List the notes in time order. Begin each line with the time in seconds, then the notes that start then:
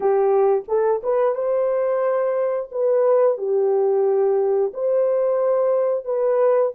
0.00 G4
0.67 A4
1.03 B4
1.35 C5
2.71 B4
3.37 G4
4.73 C5
6.05 B4